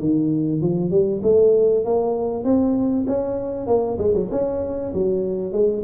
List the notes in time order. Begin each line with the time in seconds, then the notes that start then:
0.00 D#3
0.61 F3
0.91 G3
1.23 A3
1.85 A#3
2.44 C4
3.07 C#4
3.67 A#3
3.99 G#3
4.14 F#3
4.31 C#4
4.94 F#3
5.52 G#3